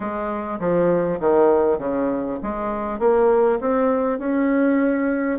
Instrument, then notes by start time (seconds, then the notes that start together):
bassoon
0.00 G#3
0.59 F3
1.20 D#3
1.78 C#3
2.42 G#3
2.99 A#3
3.60 C4
4.18 C#4